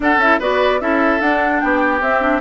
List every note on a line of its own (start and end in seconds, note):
0.00 0.16 D4
0.00 0.19 D4
0.00 0.39 A4
0.00 0.20 F#5
0.16 0.37 C#4
0.16 0.40 E4
0.16 0.40 E5
0.39 0.80 B3
0.39 0.80 F#4
0.39 0.80 B4
0.39 0.80 D5
0.80 1.21 C#4
0.80 1.20 E4
0.80 1.62 A4
0.80 1.20 E5
1.20 2.01 D4
1.20 1.61 D4
1.20 1.59 F#5
1.59 2.01 B3
1.59 2.41 G4
1.59 2.00 G5
2.01 2.41 C4
2.01 2.20 C4
2.01 2.41 E5
2.20 2.40 D4